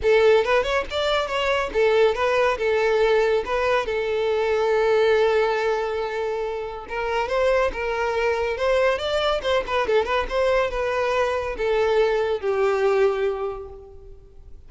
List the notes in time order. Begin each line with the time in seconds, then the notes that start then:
0.02 A4
0.44 B4
0.63 C#5
0.90 D5
1.27 C#5
1.73 A4
2.14 B4
2.58 A4
3.45 B4
3.86 A4
6.88 A#4
7.28 C5
7.72 A#4
8.57 C5
8.98 D5
9.42 C5
9.66 B4
9.87 A4
10.05 B4
10.29 C5
10.70 B4
11.57 A4
12.40 G4